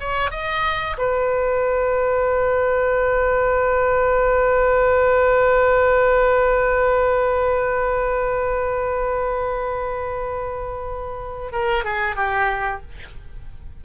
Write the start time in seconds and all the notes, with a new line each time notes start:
0.00 C#5
0.31 D#5
0.98 B4
11.52 A#4
11.84 G#4
12.16 G4